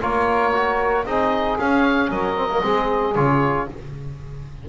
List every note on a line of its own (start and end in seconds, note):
0.00 1.05 A#3
0.00 0.52 F4
0.00 1.04 A#4
0.00 1.05 C#5
0.52 1.05 F#4
1.05 1.58 C4
1.05 1.58 D#4
1.05 2.09 G#4
1.05 1.58 D#5
1.59 2.09 C#4
1.59 2.36 C#4
1.59 2.10 F5
2.09 2.62 F#3
2.09 2.63 A#4
2.09 3.14 D#5
2.36 2.49 C4
2.51 2.61 A#3
2.61 3.15 G#3
2.61 3.14 C4
2.61 3.68 G#4
3.14 3.67 C#3
3.14 3.68 F4
3.14 3.67 C#5